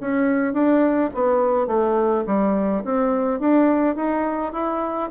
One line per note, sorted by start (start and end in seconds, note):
0.00 0.53 C#4
0.53 1.10 D4
1.14 1.67 B3
1.67 2.24 A3
2.26 2.84 G3
2.84 3.39 C4
3.39 3.95 D4
3.95 4.52 D#4
4.52 5.10 E4